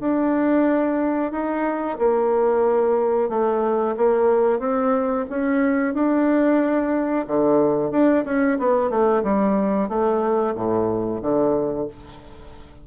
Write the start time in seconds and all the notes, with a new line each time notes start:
0.00 D4
1.31 D#4
1.98 A#3
3.29 A3
3.97 A#3
4.59 C4
5.29 C#4
5.94 D4
7.27 D3
7.91 D4
8.25 C#4
8.59 B3
8.90 A3
9.23 G3
9.88 A3
10.55 A2
11.21 D3